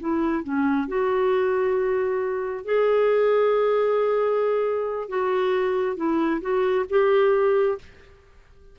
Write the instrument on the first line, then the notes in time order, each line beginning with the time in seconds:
clarinet
0.00 E4
0.43 C#4
0.88 F#4
2.65 G#4
5.09 F#4
5.96 E4
6.41 F#4
6.89 G4